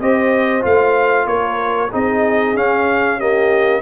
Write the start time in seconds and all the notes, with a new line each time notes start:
0.00 C4 G4 C5 D#5
0.61 A3 F4 F5
1.26 A#3 A#4 C#5
1.91 C4 D#4 G#4 D#5
2.54 C#4 F5
3.18 A#3 G4 D#5